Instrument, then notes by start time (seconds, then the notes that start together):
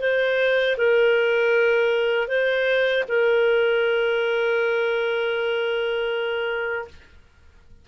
clarinet
0.00 C5
0.77 A#4
2.28 C5
3.08 A#4